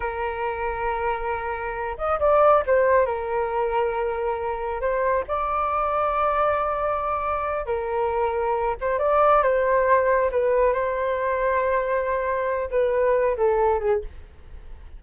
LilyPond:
\new Staff \with { instrumentName = "flute" } { \time 4/4 \tempo 4 = 137 ais'1~ | ais'8 dis''8 d''4 c''4 ais'4~ | ais'2. c''4 | d''1~ |
d''4. ais'2~ ais'8 | c''8 d''4 c''2 b'8~ | b'8 c''2.~ c''8~ | c''4 b'4. a'4 gis'8 | }